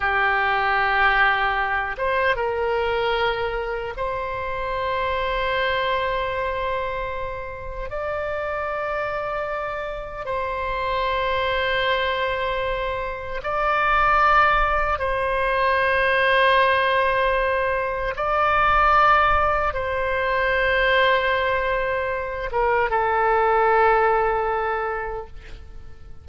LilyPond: \new Staff \with { instrumentName = "oboe" } { \time 4/4 \tempo 4 = 76 g'2~ g'8 c''8 ais'4~ | ais'4 c''2.~ | c''2 d''2~ | d''4 c''2.~ |
c''4 d''2 c''4~ | c''2. d''4~ | d''4 c''2.~ | c''8 ais'8 a'2. | }